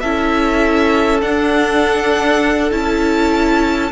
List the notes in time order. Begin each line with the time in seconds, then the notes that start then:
0.00 C#4 E4 A4 E5
1.21 D4 F#5
2.71 C#4 E4 A5